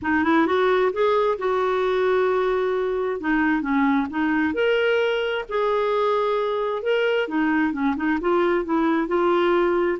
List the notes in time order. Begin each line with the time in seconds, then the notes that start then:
0.02 D#4
0.24 E4
0.46 F#4
0.92 G#4
1.38 F#4
3.20 D#4
3.61 C#4
4.10 D#4
4.54 A#4
5.48 G#4
6.82 A#4
7.27 D#4
7.72 C#4
7.96 D#4
8.20 F4
8.64 E4
9.07 F4